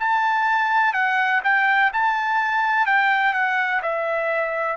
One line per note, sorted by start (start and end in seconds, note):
0.00 0.94 A5
0.94 1.41 F#5
1.44 1.91 G5
1.93 2.86 A5
2.86 3.34 G5
3.34 3.81 F#5
3.82 4.77 E5